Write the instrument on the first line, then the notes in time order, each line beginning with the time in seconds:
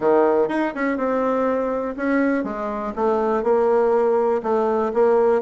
bassoon
0.00 D#3
0.48 D#4
0.74 C#4
0.97 C4
1.96 C#4
2.44 G#3
2.95 A3
3.43 A#3
4.42 A3
4.93 A#3